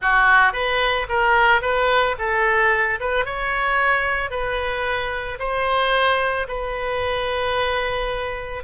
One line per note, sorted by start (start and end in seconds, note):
0.01 0.52 F#4
0.52 1.06 B4
1.09 1.61 A#4
1.61 2.15 B4
2.18 2.99 A4
3.00 3.25 B4
3.25 4.30 C#5
4.30 5.38 B4
5.39 6.47 C5
6.48 8.63 B4